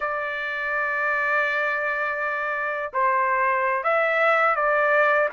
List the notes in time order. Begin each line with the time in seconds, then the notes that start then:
0.00 D5
2.93 C5
3.83 E5
4.55 D5